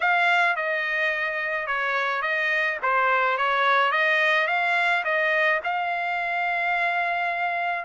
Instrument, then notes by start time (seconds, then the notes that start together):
trumpet
0.00 F5
0.56 D#5
1.66 C#5
2.21 D#5
2.82 C5
3.37 C#5
3.91 D#5
4.47 F5
5.04 D#5
5.64 F5